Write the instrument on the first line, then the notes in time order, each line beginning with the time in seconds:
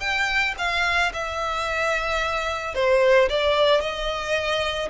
violin
0.00 G5
0.58 F5
1.13 E5
2.74 C5
3.29 D5
3.81 D#5